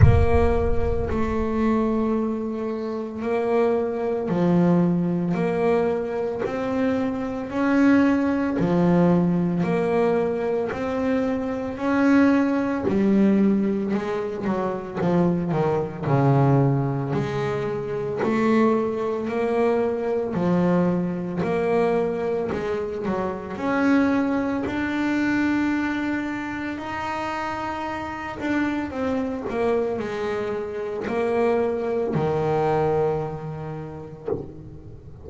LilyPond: \new Staff \with { instrumentName = "double bass" } { \time 4/4 \tempo 4 = 56 ais4 a2 ais4 | f4 ais4 c'4 cis'4 | f4 ais4 c'4 cis'4 | g4 gis8 fis8 f8 dis8 cis4 |
gis4 a4 ais4 f4 | ais4 gis8 fis8 cis'4 d'4~ | d'4 dis'4. d'8 c'8 ais8 | gis4 ais4 dis2 | }